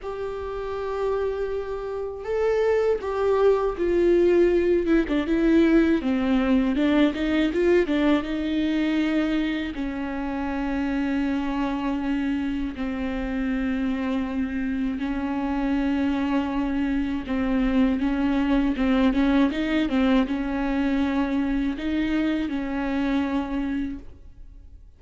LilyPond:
\new Staff \with { instrumentName = "viola" } { \time 4/4 \tempo 4 = 80 g'2. a'4 | g'4 f'4. e'16 d'16 e'4 | c'4 d'8 dis'8 f'8 d'8 dis'4~ | dis'4 cis'2.~ |
cis'4 c'2. | cis'2. c'4 | cis'4 c'8 cis'8 dis'8 c'8 cis'4~ | cis'4 dis'4 cis'2 | }